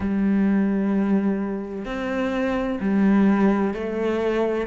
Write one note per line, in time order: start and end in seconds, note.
0.00 1.85 G3
1.85 2.79 C4
2.80 3.74 G3
3.74 4.67 A3